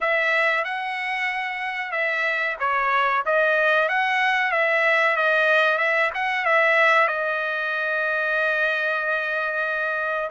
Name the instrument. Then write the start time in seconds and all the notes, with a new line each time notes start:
trumpet
0.00 E5
0.64 F#5
1.91 E5
2.59 C#5
3.25 D#5
3.89 F#5
4.51 E5
5.16 D#5
5.78 E5
6.14 F#5
6.45 E5
7.07 D#5